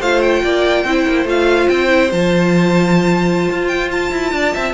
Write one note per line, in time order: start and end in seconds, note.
0.00 0.43 A3
0.00 0.87 F4
0.00 0.42 C5
0.00 0.21 F5
0.21 1.27 G5
0.43 0.85 A#3
0.43 0.84 D5
0.84 1.06 C4
0.84 1.26 E4
0.84 4.32 C5
1.08 1.25 A#3
1.25 1.67 A3
1.25 1.88 F4
1.25 1.69 F5
1.69 2.12 C4
1.69 2.11 G5
1.88 2.09 E4
2.11 3.49 F3
2.11 4.74 F4
2.11 3.68 A5
3.50 4.12 F4
3.68 3.89 G5
3.91 4.74 A5
4.12 4.32 E4
4.32 4.54 D4
4.32 4.54 D5
4.54 4.74 C4
4.54 4.74 E5